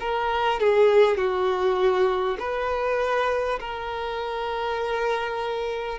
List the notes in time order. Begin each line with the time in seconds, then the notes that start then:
0.00 A#4
0.60 G#4
1.17 F#4
2.39 B4
3.60 A#4